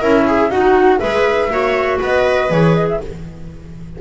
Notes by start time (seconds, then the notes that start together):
0.00 C#4 E4 A#4 E5
0.27 G#4
0.49 D#4 F#4 F#5
0.98 G#3 G#4 B4 E5
1.49 A#3 F#4 C#5
1.98 B3 B4 D#5
2.50 E3 G#4 C#5
2.74 D#5
2.88 E5